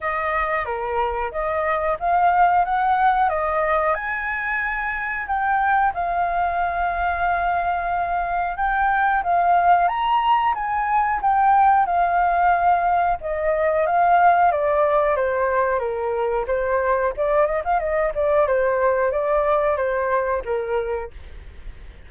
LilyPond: \new Staff \with { instrumentName = "flute" } { \time 4/4 \tempo 4 = 91 dis''4 ais'4 dis''4 f''4 | fis''4 dis''4 gis''2 | g''4 f''2.~ | f''4 g''4 f''4 ais''4 |
gis''4 g''4 f''2 | dis''4 f''4 d''4 c''4 | ais'4 c''4 d''8 dis''16 f''16 dis''8 d''8 | c''4 d''4 c''4 ais'4 | }